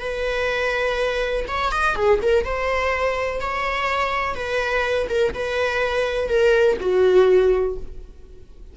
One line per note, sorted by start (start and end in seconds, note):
0.00 1.45 B4
1.48 1.72 C#5
1.72 1.95 D#5
1.95 2.20 G#4
2.22 2.44 A#4
2.44 3.40 C5
3.40 4.35 C#5
4.35 5.07 B4
5.09 5.33 A#4
5.34 6.29 B4
6.29 6.77 A#4
6.80 7.77 F#4